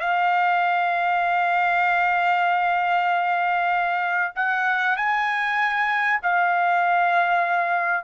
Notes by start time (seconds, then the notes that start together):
0.00 F5
4.35 F#5
4.96 G#5
6.22 F5